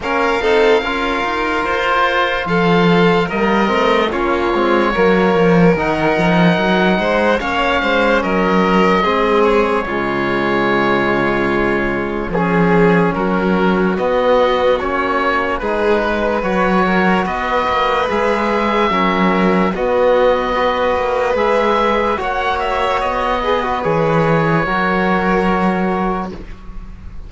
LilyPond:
<<
  \new Staff \with { instrumentName = "oboe" } { \time 4/4 \tempo 4 = 73 f''2 c''4 f''4 | dis''4 cis''2 fis''4~ | fis''4 f''4 dis''4. cis''8~ | cis''2. gis'4 |
ais'4 dis''4 cis''4 b'4 | cis''4 dis''4 e''2 | dis''2 e''4 fis''8 e''8 | dis''4 cis''2. | }
  \new Staff \with { instrumentName = "violin" } { \time 4/4 ais'8 a'8 ais'2 a'4 | ais'4 f'4 ais'2~ | ais'8 c''8 cis''8 c''8 ais'4 gis'4 | f'2. gis'4 |
fis'2. gis'8 b'8~ | b'8 ais'8 b'2 ais'4 | fis'4 b'2 cis''4~ | cis''8 b'4. ais'2 | }
  \new Staff \with { instrumentName = "trombone" } { \time 4/4 cis'8 dis'8 f'2. | ais8 c'8 cis'8 c'8 ais4 dis'4~ | dis'4 cis'2 c'4 | gis2. cis'4~ |
cis'4 b4 cis'4 dis'4 | fis'2 gis'4 cis'4 | b4 fis'4 gis'4 fis'4~ | fis'8 gis'16 fis'16 gis'4 fis'2 | }
  \new Staff \with { instrumentName = "cello" } { \time 4/4 ais8 c'8 cis'8 dis'8 f'4 f4 | g8 a8 ais8 gis8 fis8 f8 dis8 f8 | fis8 gis8 ais8 gis8 fis4 gis4 | cis2. f4 |
fis4 b4 ais4 gis4 | fis4 b8 ais8 gis4 fis4 | b4. ais8 gis4 ais4 | b4 e4 fis2 | }
>>